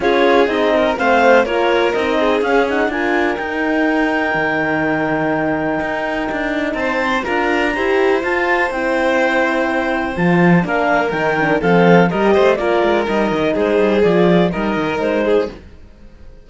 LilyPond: <<
  \new Staff \with { instrumentName = "clarinet" } { \time 4/4 \tempo 4 = 124 cis''4 dis''4 f''4 cis''4 | dis''4 f''8 fis''8 gis''4 g''4~ | g''1~ | g''2 a''4 ais''4~ |
ais''4 a''4 g''2~ | g''4 a''4 f''4 g''4 | f''4 dis''4 d''4 dis''4 | c''4 d''4 dis''4 c''4 | }
  \new Staff \with { instrumentName = "violin" } { \time 4/4 gis'4. ais'8 c''4 ais'4~ | ais'8 gis'4. ais'2~ | ais'1~ | ais'2 c''4 ais'4 |
c''1~ | c''2 ais'2 | a'4 ais'8 c''8 ais'2 | gis'2 ais'4. gis'8 | }
  \new Staff \with { instrumentName = "horn" } { \time 4/4 f'4 dis'4 c'4 f'4 | dis'4 cis'8 dis'8 f'4 dis'4~ | dis'1~ | dis'2. f'4 |
g'4 f'4 e'2~ | e'4 f'4 d'4 dis'8 d'8 | c'4 g'4 f'4 dis'4~ | dis'4 f'4 dis'2 | }
  \new Staff \with { instrumentName = "cello" } { \time 4/4 cis'4 c'4 a4 ais4 | c'4 cis'4 d'4 dis'4~ | dis'4 dis2. | dis'4 d'4 c'4 d'4 |
e'4 f'4 c'2~ | c'4 f4 ais4 dis4 | f4 g8 a8 ais8 gis8 g8 dis8 | gis8 g8 f4 g8 dis8 gis4 | }
>>